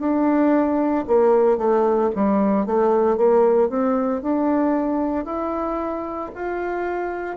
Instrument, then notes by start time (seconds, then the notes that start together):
bassoon
0.00 D4
1.08 A#3
1.58 A3
2.16 G3
2.67 A3
3.18 A#3
3.69 C4
4.22 D4
5.25 E4
6.35 F4